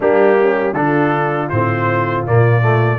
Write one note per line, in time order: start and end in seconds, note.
0.00 0.73 G3
0.00 0.74 A#3
0.00 0.37 D4
0.00 0.73 G4
0.38 0.75 C#4
0.73 1.48 D3
0.73 1.51 D4
0.73 2.98 F4
0.73 1.48 A4
1.49 2.26 A2
1.49 2.26 C4
1.49 2.24 C5
2.26 2.98 A#2
2.26 2.61 A#3
2.26 2.98 D5
2.61 2.98 A3